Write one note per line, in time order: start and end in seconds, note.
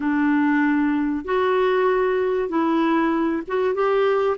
0.00 1.24 D4
1.24 2.48 F#4
2.48 3.42 E4
3.47 3.74 F#4
3.74 4.36 G4